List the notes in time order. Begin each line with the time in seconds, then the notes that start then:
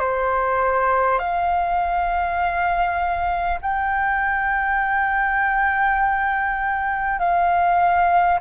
0.00 C5
1.19 F5
3.62 G5
7.19 F5